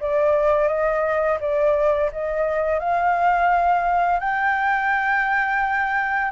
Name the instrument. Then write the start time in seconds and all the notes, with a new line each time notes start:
flute
0.00 D5
0.68 D#5
1.40 D5
2.12 D#5
2.79 F5
4.20 G5